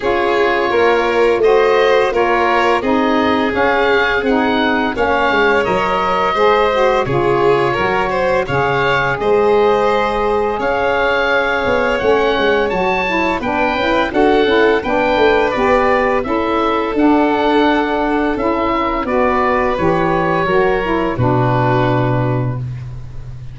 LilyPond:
<<
  \new Staff \with { instrumentName = "oboe" } { \time 4/4 \tempo 4 = 85 cis''2 dis''4 cis''4 | dis''4 f''4 fis''4 f''4 | dis''2 cis''2 | f''4 dis''2 f''4~ |
f''4 fis''4 a''4 g''4 | fis''4 g''4 d''4 e''4 | fis''2 e''4 d''4 | cis''2 b'2 | }
  \new Staff \with { instrumentName = "violin" } { \time 4/4 gis'4 ais'4 c''4 ais'4 | gis'2. cis''4~ | cis''4 c''4 gis'4 ais'8 c''8 | cis''4 c''2 cis''4~ |
cis''2. b'4 | a'4 b'2 a'4~ | a'2~ a'8 ais'8 b'4~ | b'4 ais'4 fis'2 | }
  \new Staff \with { instrumentName = "saxophone" } { \time 4/4 f'2 fis'4 f'4 | dis'4 cis'4 dis'4 cis'4 | ais'4 gis'8 fis'8 f'4 fis'4 | gis'1~ |
gis'4 cis'4 fis'8 e'8 d'8 e'8 | fis'8 e'8 d'4 g'4 e'4 | d'2 e'4 fis'4 | g'4 fis'8 e'8 d'2 | }
  \new Staff \with { instrumentName = "tuba" } { \time 4/4 cis'4 ais4 a4 ais4 | c'4 cis'4 c'4 ais8 gis8 | fis4 gis4 cis4 fis4 | cis4 gis2 cis'4~ |
cis'8 b8 a8 gis8 fis4 b8 cis'8 | d'8 cis'8 b8 a8 b4 cis'4 | d'2 cis'4 b4 | e4 fis4 b,2 | }
>>